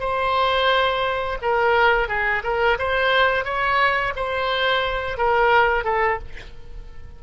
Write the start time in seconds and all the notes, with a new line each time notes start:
0.00 C5
1.42 A#4
2.08 G#4
2.44 A#4
2.79 C5
3.45 C#5
4.16 C5
5.18 A#4
5.84 A4